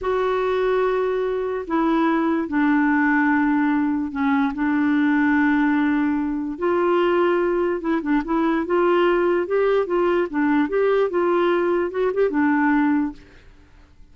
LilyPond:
\new Staff \with { instrumentName = "clarinet" } { \time 4/4 \tempo 4 = 146 fis'1 | e'2 d'2~ | d'2 cis'4 d'4~ | d'1 |
f'2. e'8 d'8 | e'4 f'2 g'4 | f'4 d'4 g'4 f'4~ | f'4 fis'8 g'8 d'2 | }